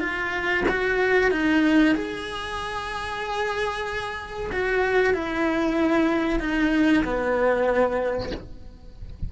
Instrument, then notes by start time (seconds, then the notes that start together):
cello
0.00 F4
0.69 F#4
1.31 D#4
1.95 G#4
4.52 F#4
5.14 E4
6.40 D#4
7.04 B3